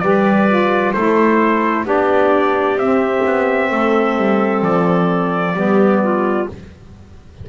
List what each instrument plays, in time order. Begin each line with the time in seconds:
0.00 double bass G3, saxophone G4, clarinet B4, trumpet D5
0.49 saxophone F4
0.93 double bass A3, saxophone E4, clarinet A4, trumpet C5
1.85 double bass B3, saxophone D4, clarinet G4, trumpet D5
2.76 double bass C4, saxophone C4, trumpet E5
3.26 double bass B3
3.70 double bass A3, clarinet A4
4.17 double bass G3
4.62 double bass F3, trumpet D5
5.54 double bass G3, saxophone B3, clarinet G4
6.03 clarinet F4